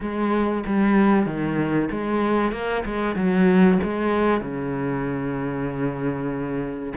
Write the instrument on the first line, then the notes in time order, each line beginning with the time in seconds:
cello
0.00 G#3
0.66 G3
1.26 D#3
1.91 G#3
2.52 A#3
2.85 G#3
3.15 F#3
3.83 G#3
4.40 C#3